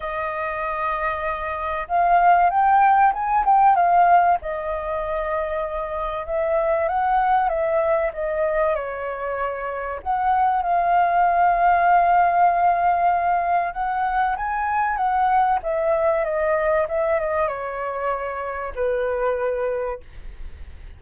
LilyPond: \new Staff \with { instrumentName = "flute" } { \time 4/4 \tempo 4 = 96 dis''2. f''4 | g''4 gis''8 g''8 f''4 dis''4~ | dis''2 e''4 fis''4 | e''4 dis''4 cis''2 |
fis''4 f''2.~ | f''2 fis''4 gis''4 | fis''4 e''4 dis''4 e''8 dis''8 | cis''2 b'2 | }